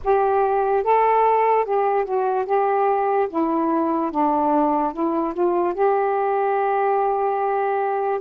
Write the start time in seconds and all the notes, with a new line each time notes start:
0.04 G4
0.83 A4
1.64 G4
2.04 F#4
2.45 G4
3.29 E4
4.11 D4
4.93 E4
5.33 F4
5.73 G4